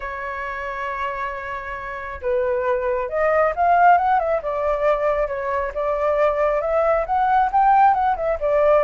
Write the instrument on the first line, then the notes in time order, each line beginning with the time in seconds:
flute
0.00 C#5
2.21 B4
3.09 D#5
3.55 F5
3.97 F#5
4.19 E5
4.42 D5
5.27 C#5
5.74 D5
6.61 E5
7.05 F#5
7.51 G5
7.94 F#5
8.16 E5
8.39 D5